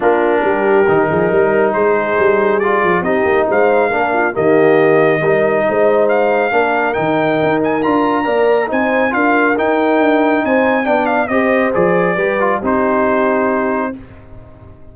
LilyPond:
<<
  \new Staff \with { instrumentName = "trumpet" } { \time 4/4 \tempo 4 = 138 ais'1 | c''2 d''4 dis''4 | f''2 dis''2~ | dis''2 f''2 |
g''4. gis''8 ais''2 | gis''4 f''4 g''2 | gis''4 g''8 f''8 dis''4 d''4~ | d''4 c''2. | }
  \new Staff \with { instrumentName = "horn" } { \time 4/4 f'4 g'4. gis'8 ais'4 | gis'2. g'4 | c''4 ais'8 f'8 g'2 | ais'4 c''2 ais'4~ |
ais'2. d''4 | c''4 ais'2. | c''4 d''4 c''2 | b'4 g'2. | }
  \new Staff \with { instrumentName = "trombone" } { \time 4/4 d'2 dis'2~ | dis'2 f'4 dis'4~ | dis'4 d'4 ais2 | dis'2. d'4 |
dis'2 f'4 ais'4 | dis'4 f'4 dis'2~ | dis'4 d'4 g'4 gis'4 | g'8 f'8 dis'2. | }
  \new Staff \with { instrumentName = "tuba" } { \time 4/4 ais4 g4 dis8 f8 g4 | gis4 g4. f8 c'8 ais8 | gis4 ais4 dis2 | g4 gis2 ais4 |
dis4 dis'4 d'4 ais4 | c'4 d'4 dis'4 d'4 | c'4 b4 c'4 f4 | g4 c'2. | }
>>